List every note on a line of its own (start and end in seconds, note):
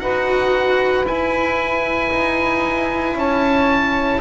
0.00 1.05 D#4
0.00 1.05 F#4
0.00 3.17 B4
0.00 1.05 F#5
1.05 2.10 E4
1.05 4.21 E4
1.05 3.18 G#5
2.11 3.14 D#4
3.14 4.20 C#4
3.14 4.21 C#5
3.14 4.21 A5